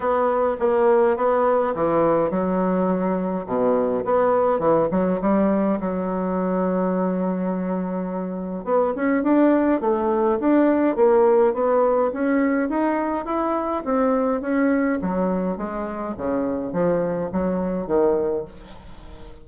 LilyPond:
\new Staff \with { instrumentName = "bassoon" } { \time 4/4 \tempo 4 = 104 b4 ais4 b4 e4 | fis2 b,4 b4 | e8 fis8 g4 fis2~ | fis2. b8 cis'8 |
d'4 a4 d'4 ais4 | b4 cis'4 dis'4 e'4 | c'4 cis'4 fis4 gis4 | cis4 f4 fis4 dis4 | }